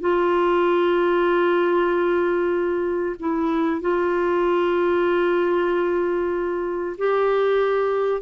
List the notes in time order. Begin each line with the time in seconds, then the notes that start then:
0.00 F4
3.19 E4
3.81 F4
6.98 G4